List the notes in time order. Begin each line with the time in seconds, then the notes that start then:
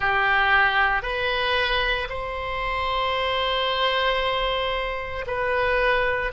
0.00 G4
1.02 B4
2.09 C5
5.26 B4